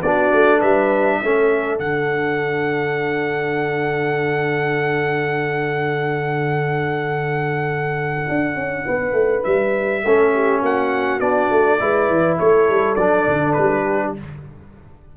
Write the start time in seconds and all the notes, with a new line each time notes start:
0.00 B3 D4 F#4 D5
0.33 A3
0.58 G3 B4 E5
1.23 A3 C#4 A4
1.78 D3 D4 F#5
8.29 D4
8.55 C#4
8.85 B3 B4
9.12 A3
9.43 G3 E5
10.03 A3 C#4 A4
10.33 G4
10.60 A#3 F#4 F#5
11.19 B3 D4 D5
11.50 A3
11.79 G#3 E4 B4
12.09 E3
12.38 A3 A4 C#5
12.68 G3
12.95 F#3 D4 D5
13.26 D3
13.52 G3 B4
13.83 G4